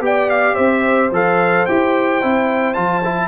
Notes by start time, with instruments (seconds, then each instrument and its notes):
0.00 tuba B3, trombone G4, horn D5, trumpet G5
0.30 trumpet F5
0.54 tuba C4, horn C5, trumpet E5
1.11 tuba F3, trombone A4, trumpet F5
1.66 tuba E4, trombone G4, trumpet G5
2.22 tuba C4, trombone E4
2.74 tuba F3, trombone F4, trumpet A5
3.04 trombone E4